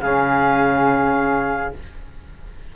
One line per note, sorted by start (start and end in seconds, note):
0.00 1.73 C#3
0.00 1.75 C#4
0.00 1.76 G#4
0.00 1.74 F5